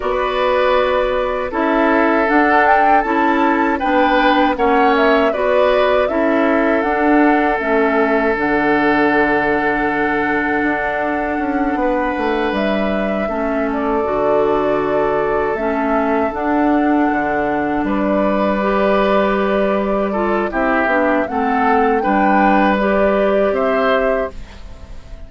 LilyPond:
<<
  \new Staff \with { instrumentName = "flute" } { \time 4/4 \tempo 4 = 79 d''2 e''4 fis''8 g''8 | a''4 g''4 fis''8 e''8 d''4 | e''4 fis''4 e''4 fis''4~ | fis''1~ |
fis''8 e''4. d''2~ | d''8 e''4 fis''2 d''8~ | d''2. e''4 | fis''4 g''4 d''4 e''4 | }
  \new Staff \with { instrumentName = "oboe" } { \time 4/4 b'2 a'2~ | a'4 b'4 cis''4 b'4 | a'1~ | a'2.~ a'8 b'8~ |
b'4. a'2~ a'8~ | a'2.~ a'8 b'8~ | b'2~ b'8 a'8 g'4 | a'4 b'2 c''4 | }
  \new Staff \with { instrumentName = "clarinet" } { \time 4/4 fis'2 e'4 d'4 | e'4 d'4 cis'4 fis'4 | e'4 d'4 cis'4 d'4~ | d'1~ |
d'4. cis'4 fis'4.~ | fis'8 cis'4 d'2~ d'8~ | d'8 g'2 f'8 e'8 d'8 | c'4 d'4 g'2 | }
  \new Staff \with { instrumentName = "bassoon" } { \time 4/4 b2 cis'4 d'4 | cis'4 b4 ais4 b4 | cis'4 d'4 a4 d4~ | d2 d'4 cis'8 b8 |
a8 g4 a4 d4.~ | d8 a4 d'4 d4 g8~ | g2. c'8 b8 | a4 g2 c'4 | }
>>